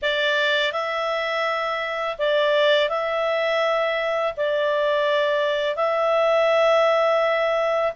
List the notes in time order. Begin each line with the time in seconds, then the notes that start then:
0.02 D5
0.72 E5
2.18 D5
2.89 E5
4.36 D5
5.75 E5